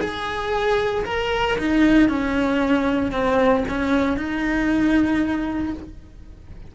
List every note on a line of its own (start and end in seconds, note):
0.00 1.04 G#4
1.05 1.57 A#4
1.58 2.09 D#4
2.09 3.12 C#4
3.12 3.64 C4
3.68 4.17 C#4
4.17 5.73 D#4